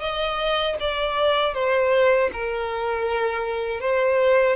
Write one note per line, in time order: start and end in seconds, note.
0.00 0.76 D#5
0.80 1.54 D5
1.54 2.30 C5
2.32 3.80 A#4
3.80 4.56 C5